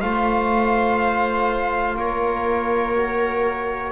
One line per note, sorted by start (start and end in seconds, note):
0.00 1.96 A3
0.00 2.96 F4
0.00 1.97 C5
0.00 1.98 F5
1.96 3.91 A#3
1.96 3.91 A#4
1.96 3.91 C#5
2.96 3.91 F#4